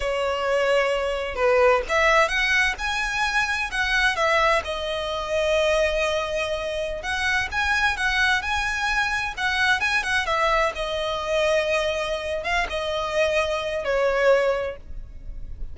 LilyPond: \new Staff \with { instrumentName = "violin" } { \time 4/4 \tempo 4 = 130 cis''2. b'4 | e''4 fis''4 gis''2 | fis''4 e''4 dis''2~ | dis''2.~ dis''16 fis''8.~ |
fis''16 gis''4 fis''4 gis''4.~ gis''16~ | gis''16 fis''4 gis''8 fis''8 e''4 dis''8.~ | dis''2. f''8 dis''8~ | dis''2 cis''2 | }